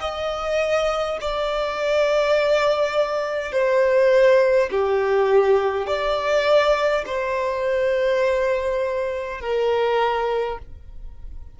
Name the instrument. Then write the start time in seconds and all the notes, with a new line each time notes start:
violin
0.00 D#5
1.20 D5
3.52 C5
4.71 G4
5.87 D5
7.06 C5
9.41 A#4